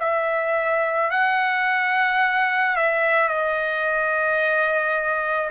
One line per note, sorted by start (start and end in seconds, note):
0.00 1.11 E5
1.11 2.76 F#5
2.76 3.28 E5
3.28 5.51 D#5